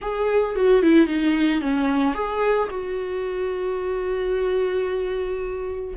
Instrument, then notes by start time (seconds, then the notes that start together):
viola
0.01 G#4
0.55 F#4
0.82 E4
1.07 D#4
1.61 C#4
2.14 G#4
2.70 F#4